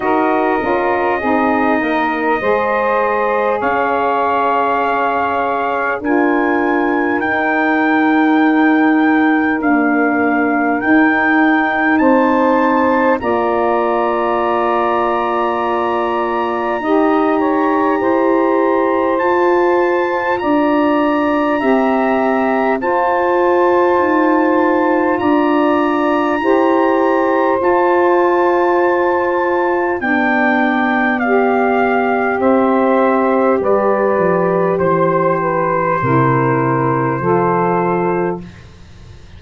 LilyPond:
<<
  \new Staff \with { instrumentName = "trumpet" } { \time 4/4 \tempo 4 = 50 dis''2. f''4~ | f''4 gis''4 g''2 | f''4 g''4 a''4 ais''4~ | ais''1 |
a''4 ais''2 a''4~ | a''4 ais''2 a''4~ | a''4 g''4 f''4 e''4 | d''4 c''2. | }
  \new Staff \with { instrumentName = "saxophone" } { \time 4/4 ais'4 gis'8 ais'8 c''4 cis''4~ | cis''4 ais'2.~ | ais'2 c''4 d''4~ | d''2 dis''8 cis''8 c''4~ |
c''4 d''4 e''4 c''4~ | c''4 d''4 c''2~ | c''4 d''2 c''4 | b'4 c''8 b'8 ais'4 a'4 | }
  \new Staff \with { instrumentName = "saxophone" } { \time 4/4 fis'8 f'8 dis'4 gis'2~ | gis'4 f'4 dis'2 | ais4 dis'2 f'4~ | f'2 g'2 |
f'2 g'4 f'4~ | f'2 g'4 f'4~ | f'4 d'4 g'2~ | g'2 e'4 f'4 | }
  \new Staff \with { instrumentName = "tuba" } { \time 4/4 dis'8 cis'8 c'8 ais8 gis4 cis'4~ | cis'4 d'4 dis'2 | d'4 dis'4 c'4 ais4~ | ais2 dis'4 e'4 |
f'4 d'4 c'4 f'4 | dis'4 d'4 e'4 f'4~ | f'4 b2 c'4 | g8 f8 e4 c4 f4 | }
>>